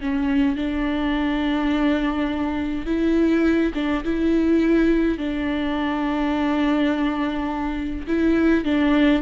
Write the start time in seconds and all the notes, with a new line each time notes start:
0.00 C#4
0.56 D4
2.86 E4
3.74 D4
4.03 E4
5.18 D4
8.07 E4
8.64 D4